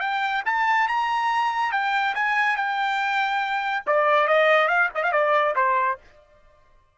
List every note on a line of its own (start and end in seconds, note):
0.00 0.43 G5
0.46 0.88 A5
0.88 1.72 A#5
1.72 2.15 G5
2.15 2.56 G#5
2.56 3.84 G5
3.86 4.28 D5
4.28 4.68 D#5
4.68 4.89 F5
4.95 5.03 D#5
5.03 5.12 F5
5.12 5.55 D5
5.56 5.98 C5